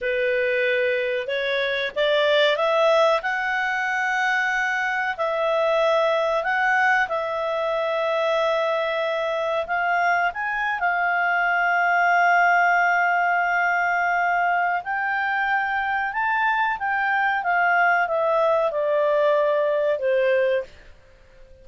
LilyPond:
\new Staff \with { instrumentName = "clarinet" } { \time 4/4 \tempo 4 = 93 b'2 cis''4 d''4 | e''4 fis''2. | e''2 fis''4 e''4~ | e''2. f''4 |
gis''8. f''2.~ f''16~ | f''2. g''4~ | g''4 a''4 g''4 f''4 | e''4 d''2 c''4 | }